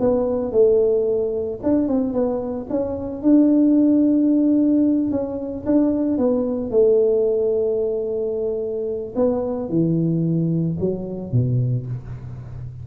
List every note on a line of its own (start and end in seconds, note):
0.00 0.52 B3
0.52 1.60 A3
1.63 1.88 D4
1.88 2.13 C4
2.13 2.67 B3
2.70 3.22 C#4
3.22 5.11 D4
5.11 5.65 C#4
5.66 6.18 D4
6.18 6.71 B3
6.71 9.14 A3
9.15 9.69 B3
9.69 10.77 E3
10.80 11.32 F#3
11.32 11.86 B2